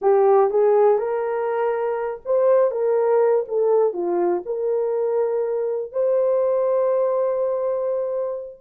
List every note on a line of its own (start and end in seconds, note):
0.01 0.50 G4
0.50 0.97 G#4
0.97 2.20 A#4
2.25 2.71 C5
2.71 3.44 A#4
3.48 3.93 A4
3.93 4.42 F4
4.45 5.92 A#4
5.92 8.60 C5